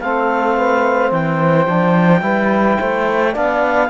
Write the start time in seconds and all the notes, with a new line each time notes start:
0.00 A3 C4 A4 F5
0.56 B4
1.09 E3 C5 G5
1.66 F3 D4
2.21 G3 E4 B4
2.79 A3 C5
3.32 B3 D4 D5 F5